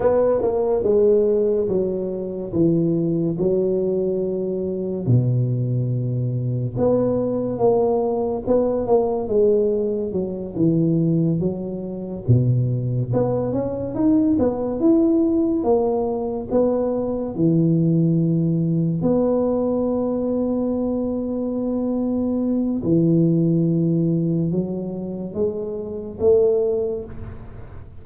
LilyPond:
\new Staff \with { instrumentName = "tuba" } { \time 4/4 \tempo 4 = 71 b8 ais8 gis4 fis4 e4 | fis2 b,2 | b4 ais4 b8 ais8 gis4 | fis8 e4 fis4 b,4 b8 |
cis'8 dis'8 b8 e'4 ais4 b8~ | b8 e2 b4.~ | b2. e4~ | e4 fis4 gis4 a4 | }